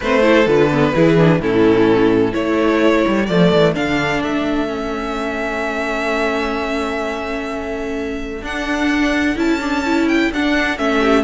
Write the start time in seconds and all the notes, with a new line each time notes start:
0.00 A3 C4 B4 C5
0.22 E4 A4
0.46 D3 F4 B4
0.71 B3
0.94 E3 E4 G#4
1.17 D4
1.39 A2 C#4 E4 A4
2.31 A3 E4 A4 C#5
3.07 G3
3.26 F3 A3 D5
3.52 E3
3.74 D3 D4 F5
4.22 A3 E5
4.67 C#4
8.41 D4 F#5
9.35 C#4 E4 A5
9.60 D4
9.85 E4
10.08 G5
10.32 D4 F#5
10.77 A3 C#4 E5
11.00 G4